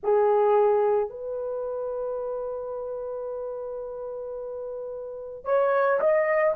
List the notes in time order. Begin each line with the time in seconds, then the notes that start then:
0.03 G#4
1.09 B4
5.44 C#5
6.00 D#5